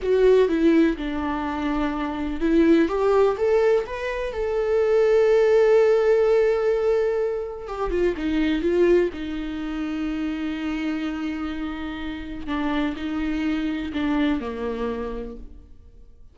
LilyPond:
\new Staff \with { instrumentName = "viola" } { \time 4/4 \tempo 4 = 125 fis'4 e'4 d'2~ | d'4 e'4 g'4 a'4 | b'4 a'2.~ | a'1 |
g'8 f'8 dis'4 f'4 dis'4~ | dis'1~ | dis'2 d'4 dis'4~ | dis'4 d'4 ais2 | }